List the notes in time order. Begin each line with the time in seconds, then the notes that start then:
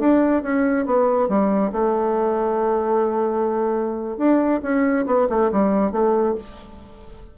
0.00 D4
0.43 C#4
0.86 B3
1.29 G3
1.72 A3
4.18 D4
4.63 C#4
5.06 B3
5.30 A3
5.52 G3
5.92 A3